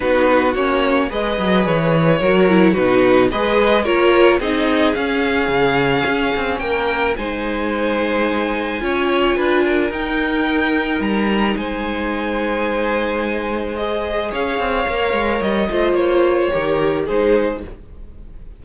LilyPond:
<<
  \new Staff \with { instrumentName = "violin" } { \time 4/4 \tempo 4 = 109 b'4 cis''4 dis''4 cis''4~ | cis''4 b'4 dis''4 cis''4 | dis''4 f''2. | g''4 gis''2.~ |
gis''2 g''2 | ais''4 gis''2.~ | gis''4 dis''4 f''2 | dis''4 cis''2 c''4 | }
  \new Staff \with { instrumentName = "violin" } { \time 4/4 fis'2 b'2 | ais'4 fis'4 b'4 ais'4 | gis'1 | ais'4 c''2. |
cis''4 b'8 ais'2~ ais'8~ | ais'4 c''2.~ | c''2 cis''2~ | cis''8 c''4. ais'4 gis'4 | }
  \new Staff \with { instrumentName = "viola" } { \time 4/4 dis'4 cis'4 gis'2 | fis'8 e'8 dis'4 gis'4 f'4 | dis'4 cis'2.~ | cis'4 dis'2. |
f'2 dis'2~ | dis'1~ | dis'4 gis'2 ais'4~ | ais'8 f'4. g'4 dis'4 | }
  \new Staff \with { instrumentName = "cello" } { \time 4/4 b4 ais4 gis8 fis8 e4 | fis4 b,4 gis4 ais4 | c'4 cis'4 cis4 cis'8 c'8 | ais4 gis2. |
cis'4 d'4 dis'2 | g4 gis2.~ | gis2 cis'8 c'8 ais8 gis8 | g8 a8 ais4 dis4 gis4 | }
>>